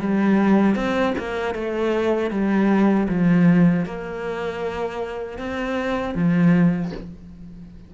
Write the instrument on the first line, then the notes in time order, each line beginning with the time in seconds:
cello
0.00 G3
0.76 C4
1.19 A#3
1.55 A3
2.31 G3
3.09 F3
3.86 A#3
5.39 C4
6.15 F3